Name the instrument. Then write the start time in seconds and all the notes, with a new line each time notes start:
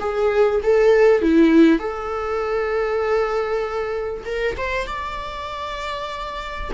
viola
0.00 G#4
0.63 A4
1.22 E4
1.79 A4
4.26 A#4
4.58 C5
4.87 D5